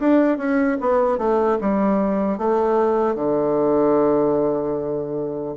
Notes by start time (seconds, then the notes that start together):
0.00 D4
0.38 C#4
0.81 B3
1.19 A3
1.61 G3
2.39 A3
3.16 D3